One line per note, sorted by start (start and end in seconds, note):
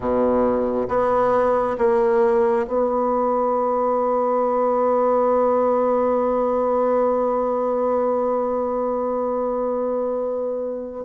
0.00 0.87 B2
0.88 1.76 B3
1.78 2.66 A#3
2.67 11.04 B3